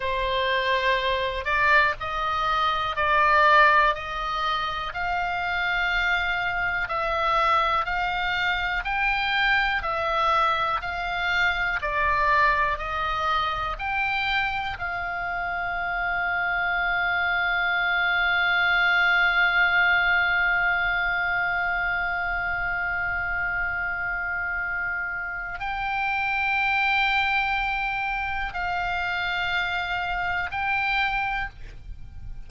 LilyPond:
\new Staff \with { instrumentName = "oboe" } { \time 4/4 \tempo 4 = 61 c''4. d''8 dis''4 d''4 | dis''4 f''2 e''4 | f''4 g''4 e''4 f''4 | d''4 dis''4 g''4 f''4~ |
f''1~ | f''1~ | f''2 g''2~ | g''4 f''2 g''4 | }